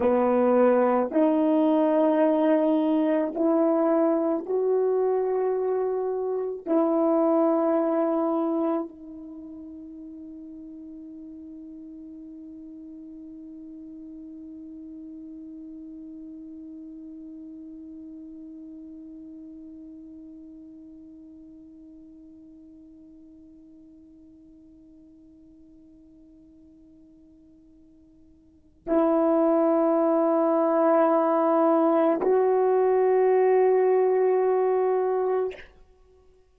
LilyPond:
\new Staff \with { instrumentName = "horn" } { \time 4/4 \tempo 4 = 54 b4 dis'2 e'4 | fis'2 e'2 | dis'1~ | dis'1~ |
dis'1~ | dis'1~ | dis'2 e'2~ | e'4 fis'2. | }